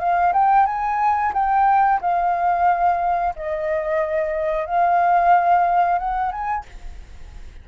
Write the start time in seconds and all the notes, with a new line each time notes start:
0.00 F5
0.34 G5
0.67 G#5
1.34 G5
2.02 F5
3.36 D#5
4.66 F5
5.99 F#5
6.32 G#5